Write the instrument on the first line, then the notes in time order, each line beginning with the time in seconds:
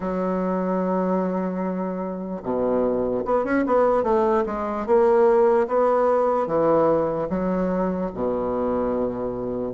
bassoon
0.00 F#3
2.43 B2
3.25 B3
3.44 C#4
3.66 B3
4.03 A3
4.46 G#3
4.86 A#3
5.67 B3
6.46 E3
7.29 F#3
8.14 B2